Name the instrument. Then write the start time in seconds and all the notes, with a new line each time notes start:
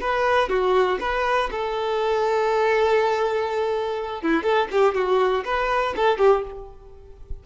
violin
0.00 B4
0.48 F#4
1.00 B4
1.51 A4
4.22 E4
4.42 A4
4.71 G4
4.94 F#4
5.44 B4
5.96 A4
6.18 G4